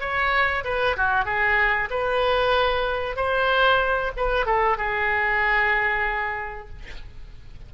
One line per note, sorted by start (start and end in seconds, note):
0.00 0.64 C#5
0.64 0.96 B4
0.97 1.25 F#4
1.25 1.89 G#4
1.90 3.16 B4
3.16 4.12 C5
4.17 4.46 B4
4.46 4.77 A4
4.77 6.69 G#4